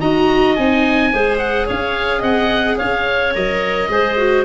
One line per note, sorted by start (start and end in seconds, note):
0.00 0.57 D#4
0.00 0.57 F#4
0.00 1.11 D#5
0.00 0.56 A#5
0.56 1.13 C4
0.56 1.13 D#4
0.56 1.38 G#5
1.13 1.69 G#3
1.13 3.34 G#4
1.13 1.66 C5
1.38 1.66 F#5
1.66 2.22 C#4
1.66 2.20 C#5
1.66 2.23 F5
2.20 2.78 C4
2.20 2.75 D#5
2.20 2.78 F#5
2.78 3.35 C#4
2.78 3.89 C#5
2.78 3.34 F5
3.34 3.89 F#3
3.34 3.90 A#4
3.34 4.45 D#5
3.89 4.44 G#3
3.89 4.18 G#4
3.89 4.45 C5
4.18 4.45 F#4